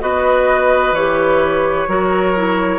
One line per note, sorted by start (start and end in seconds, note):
0.00 0.92 B3
0.00 0.94 F#4
0.00 1.88 B4
0.00 0.94 D#5
0.92 1.85 E3
0.92 1.88 G4
0.92 2.79 C#5
1.87 2.79 F#3
1.87 2.35 F#4
1.87 2.79 A#4
2.35 2.79 E4